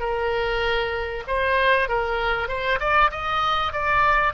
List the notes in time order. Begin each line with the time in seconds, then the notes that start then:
0.00 A#4
1.28 C5
1.89 A#4
2.49 C5
2.80 D5
3.11 D#5
3.73 D5